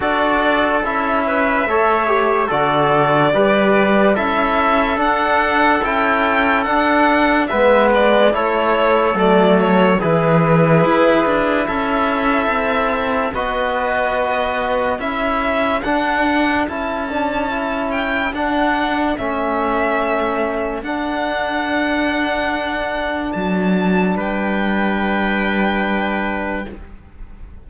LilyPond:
<<
  \new Staff \with { instrumentName = "violin" } { \time 4/4 \tempo 4 = 72 d''4 e''2 d''4~ | d''4 e''4 fis''4 g''4 | fis''4 e''8 d''8 cis''4 d''8 cis''8 | b'2 e''2 |
dis''2 e''4 fis''4 | a''4. g''8 fis''4 e''4~ | e''4 fis''2. | a''4 g''2. | }
  \new Staff \with { instrumentName = "trumpet" } { \time 4/4 a'4. b'8 cis''4 a'4 | b'4 a'2.~ | a'4 b'4 a'2 | gis'2 a'2 |
b'2 a'2~ | a'1~ | a'1~ | a'4 b'2. | }
  \new Staff \with { instrumentName = "trombone" } { \time 4/4 fis'4 e'4 a'8 g'8 fis'4 | g'4 e'4 d'4 e'4 | d'4 b4 e'4 a4 | e'1 |
fis'2 e'4 d'4 | e'8 d'8 e'4 d'4 cis'4~ | cis'4 d'2.~ | d'1 | }
  \new Staff \with { instrumentName = "cello" } { \time 4/4 d'4 cis'4 a4 d4 | g4 cis'4 d'4 cis'4 | d'4 gis4 a4 fis4 | e4 e'8 d'8 cis'4 c'4 |
b2 cis'4 d'4 | cis'2 d'4 a4~ | a4 d'2. | fis4 g2. | }
>>